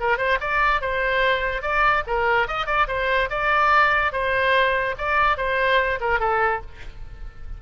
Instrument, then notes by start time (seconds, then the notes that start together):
oboe
0.00 A#4
0.18 C5
0.40 D5
0.81 C5
1.62 D5
2.07 A#4
2.47 D#5
2.66 D5
2.88 C5
3.30 D5
4.12 C5
4.98 D5
5.37 C5
6.00 A#4
6.20 A4